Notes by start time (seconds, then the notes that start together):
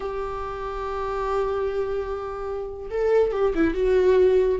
0.00 G4
2.90 A4
3.32 G4
3.55 E4
3.74 F#4